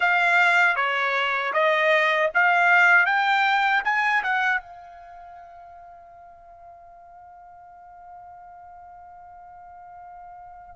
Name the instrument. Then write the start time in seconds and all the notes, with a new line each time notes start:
trumpet
0.00 F5
0.76 C#5
1.53 D#5
2.34 F5
3.06 G5
3.84 G#5
4.23 F#5
4.60 F5